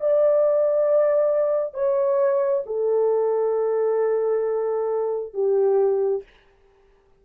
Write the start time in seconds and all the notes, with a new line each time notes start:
0.00 D5
1.74 C#5
2.66 A4
5.34 G4